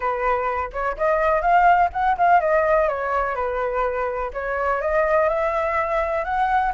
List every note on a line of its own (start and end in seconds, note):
0.00 0.70 B4
0.72 0.96 C#5
0.97 1.41 D#5
1.41 1.89 F5
1.92 2.16 F#5
2.17 2.40 F5
2.40 2.88 D#5
2.88 3.35 C#5
3.35 4.31 B4
4.33 4.81 C#5
4.81 5.28 D#5
5.28 6.24 E5
6.24 6.72 F#5